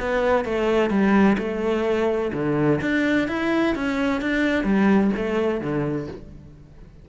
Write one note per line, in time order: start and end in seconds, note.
0.00 0.45 B3
0.45 0.90 A3
0.90 1.37 G3
1.38 2.32 A3
2.34 2.81 D3
2.82 3.29 D4
3.29 3.75 E4
3.75 4.21 C#4
4.21 4.64 D4
4.64 5.11 G3
5.16 5.61 A3
5.61 6.08 D3